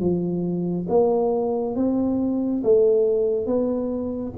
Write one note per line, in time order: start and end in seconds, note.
0.00 0.87 F3
0.89 1.76 A#3
1.76 2.63 C4
2.64 3.46 A3
3.46 4.33 B3